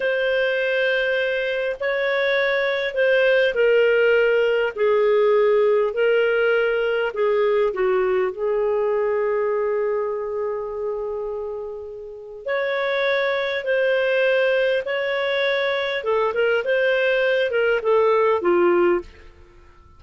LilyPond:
\new Staff \with { instrumentName = "clarinet" } { \time 4/4 \tempo 4 = 101 c''2. cis''4~ | cis''4 c''4 ais'2 | gis'2 ais'2 | gis'4 fis'4 gis'2~ |
gis'1~ | gis'4 cis''2 c''4~ | c''4 cis''2 a'8 ais'8 | c''4. ais'8 a'4 f'4 | }